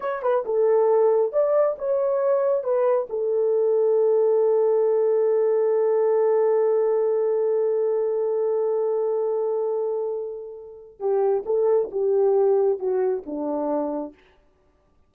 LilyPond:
\new Staff \with { instrumentName = "horn" } { \time 4/4 \tempo 4 = 136 cis''8 b'8 a'2 d''4 | cis''2 b'4 a'4~ | a'1~ | a'1~ |
a'1~ | a'1~ | a'4 g'4 a'4 g'4~ | g'4 fis'4 d'2 | }